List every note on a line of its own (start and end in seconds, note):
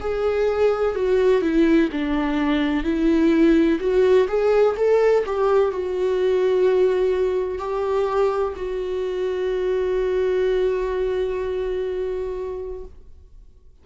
0.00 0.95 G#4
0.95 1.42 F#4
1.42 1.89 E4
1.92 2.83 D4
2.83 3.78 E4
3.80 4.27 F#4
4.28 4.75 G#4
4.76 5.24 A4
5.26 5.71 G4
5.71 7.58 F#4
7.58 8.53 G4
8.55 12.84 F#4